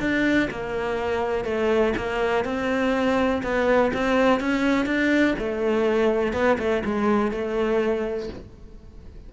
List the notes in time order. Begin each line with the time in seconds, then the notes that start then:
0.00 D4
0.50 A#3
1.44 A3
1.97 A#3
2.44 C4
3.43 B3
3.93 C4
4.40 C#4
4.86 D4
5.38 A3
6.33 B3
6.58 A3
6.85 G#3
7.31 A3